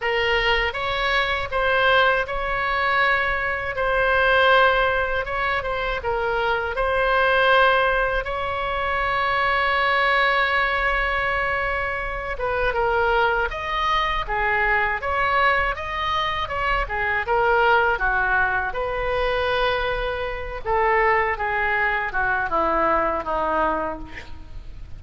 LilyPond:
\new Staff \with { instrumentName = "oboe" } { \time 4/4 \tempo 4 = 80 ais'4 cis''4 c''4 cis''4~ | cis''4 c''2 cis''8 c''8 | ais'4 c''2 cis''4~ | cis''1~ |
cis''8 b'8 ais'4 dis''4 gis'4 | cis''4 dis''4 cis''8 gis'8 ais'4 | fis'4 b'2~ b'8 a'8~ | a'8 gis'4 fis'8 e'4 dis'4 | }